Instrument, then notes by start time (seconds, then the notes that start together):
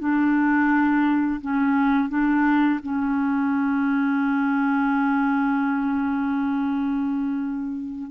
clarinet
0.00 D4
1.41 C#4
2.10 D4
2.83 C#4